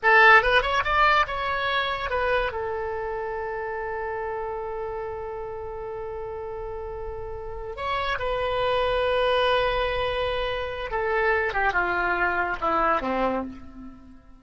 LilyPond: \new Staff \with { instrumentName = "oboe" } { \time 4/4 \tempo 4 = 143 a'4 b'8 cis''8 d''4 cis''4~ | cis''4 b'4 a'2~ | a'1~ | a'1~ |
a'2~ a'8 cis''4 b'8~ | b'1~ | b'2 a'4. g'8 | f'2 e'4 c'4 | }